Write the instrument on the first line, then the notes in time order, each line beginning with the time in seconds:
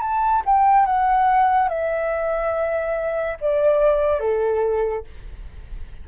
flute
0.00 A5
0.45 G5
0.86 F#5
1.68 E5
3.41 D5
4.19 A4